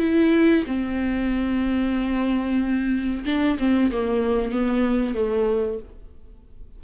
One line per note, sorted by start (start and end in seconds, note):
0.00 0.65 E4
0.67 3.25 C4
3.26 3.58 D4
3.59 3.91 C4
3.92 4.52 A#3
4.52 5.15 B3
5.15 5.79 A3